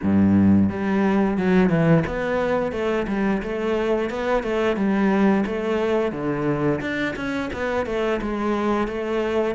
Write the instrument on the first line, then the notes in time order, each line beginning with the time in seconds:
cello
0.02 G2
0.69 G3
1.37 F#3
1.69 E3
2.06 B3
2.72 A3
3.07 G3
3.42 A3
4.09 B3
4.43 A3
4.76 G3
5.46 A3
6.12 D3
6.80 D4
7.16 C#4
7.53 B3
7.86 A3
8.21 G#3
8.87 A3